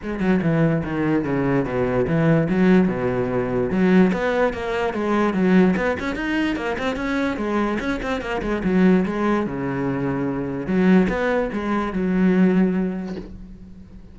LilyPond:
\new Staff \with { instrumentName = "cello" } { \time 4/4 \tempo 4 = 146 gis8 fis8 e4 dis4 cis4 | b,4 e4 fis4 b,4~ | b,4 fis4 b4 ais4 | gis4 fis4 b8 cis'8 dis'4 |
ais8 c'8 cis'4 gis4 cis'8 c'8 | ais8 gis8 fis4 gis4 cis4~ | cis2 fis4 b4 | gis4 fis2. | }